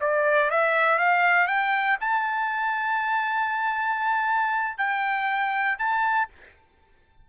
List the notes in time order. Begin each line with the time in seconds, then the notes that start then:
0.00 D5
0.50 E5
0.98 F5
1.47 G5
2.00 A5
4.77 G5
5.78 A5